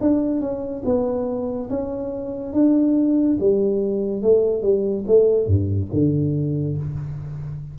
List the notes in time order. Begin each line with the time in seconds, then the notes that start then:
0.00 D4
0.40 C#4
0.85 B3
1.69 C#4
2.53 D4
3.40 G3
4.22 A3
4.62 G3
5.07 A3
5.46 G2
5.92 D3